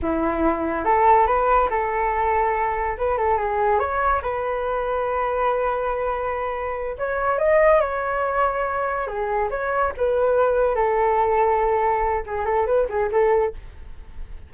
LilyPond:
\new Staff \with { instrumentName = "flute" } { \time 4/4 \tempo 4 = 142 e'2 a'4 b'4 | a'2. b'8 a'8 | gis'4 cis''4 b'2~ | b'1~ |
b'8 cis''4 dis''4 cis''4.~ | cis''4. gis'4 cis''4 b'8~ | b'4. a'2~ a'8~ | a'4 gis'8 a'8 b'8 gis'8 a'4 | }